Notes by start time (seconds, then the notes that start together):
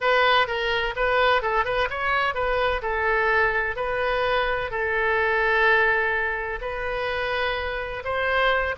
0.01 B4
0.47 A#4
0.96 B4
1.42 A4
1.64 B4
1.90 C#5
2.34 B4
2.82 A4
3.76 B4
4.70 A4
6.61 B4
8.04 C5